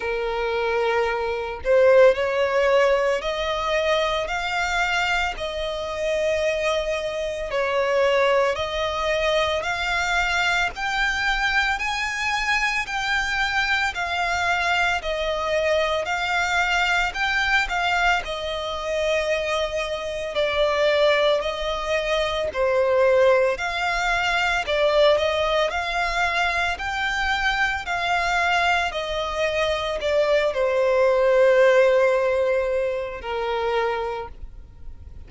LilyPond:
\new Staff \with { instrumentName = "violin" } { \time 4/4 \tempo 4 = 56 ais'4. c''8 cis''4 dis''4 | f''4 dis''2 cis''4 | dis''4 f''4 g''4 gis''4 | g''4 f''4 dis''4 f''4 |
g''8 f''8 dis''2 d''4 | dis''4 c''4 f''4 d''8 dis''8 | f''4 g''4 f''4 dis''4 | d''8 c''2~ c''8 ais'4 | }